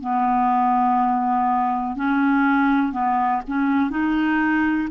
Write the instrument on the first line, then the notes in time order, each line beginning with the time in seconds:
clarinet
0.00 B3
1.95 C#4
2.92 B3
3.47 C#4
3.90 D#4